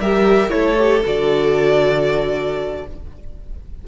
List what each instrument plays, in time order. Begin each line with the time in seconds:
0.00 cello G3, viola G4, violin A#4 E5
0.50 cello A3, viola E4, violin A4 C#5
0.78 viola G4
1.05 cello D3, viola F#4, violin D5